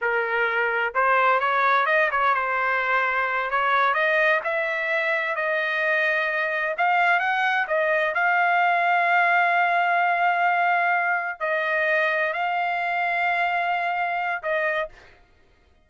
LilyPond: \new Staff \with { instrumentName = "trumpet" } { \time 4/4 \tempo 4 = 129 ais'2 c''4 cis''4 | dis''8 cis''8 c''2~ c''8 cis''8~ | cis''8 dis''4 e''2 dis''8~ | dis''2~ dis''8 f''4 fis''8~ |
fis''8 dis''4 f''2~ f''8~ | f''1~ | f''8 dis''2 f''4.~ | f''2. dis''4 | }